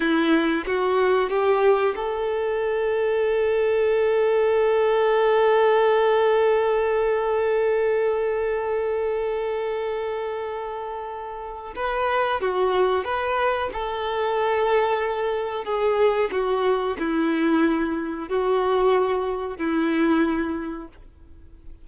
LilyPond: \new Staff \with { instrumentName = "violin" } { \time 4/4 \tempo 4 = 92 e'4 fis'4 g'4 a'4~ | a'1~ | a'1~ | a'1~ |
a'2 b'4 fis'4 | b'4 a'2. | gis'4 fis'4 e'2 | fis'2 e'2 | }